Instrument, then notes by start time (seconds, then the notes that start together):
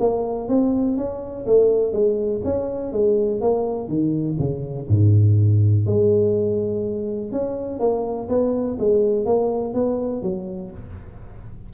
tuba
0.00 A#3
0.49 C4
0.97 C#4
1.46 A3
1.93 G#3
2.45 C#4
2.92 G#3
3.41 A#3
3.89 D#3
4.39 C#3
4.89 G#2
5.87 G#3
7.32 C#4
7.80 A#3
8.29 B3
8.80 G#3
9.26 A#3
9.74 B3
10.22 F#3